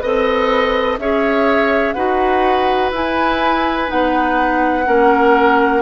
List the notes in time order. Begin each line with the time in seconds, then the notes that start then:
0.00 C4 A4 B4 D#5
0.98 C#4 G#4 C#5 E5
1.93 D#4 F#4 B4 F#5
2.91 E4 G#5
3.86 B3 D#4 F#5
4.86 A#3 C#4 A#4